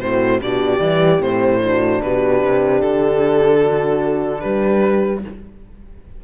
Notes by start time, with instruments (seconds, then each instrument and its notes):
0.00 cello A2, horn C4 F#4, violin C5
0.41 cello B2, horn D4 G4, violin D5
0.79 cello E3, horn G3
1.19 cello A2, horn C4, violin C5
1.58 horn D4 F#4
2.01 cello B2, horn G4, violin B4
2.42 cello C3
2.81 cello D3, violin A4
3.60 horn F#4
4.40 cello G3, horn G4, violin B4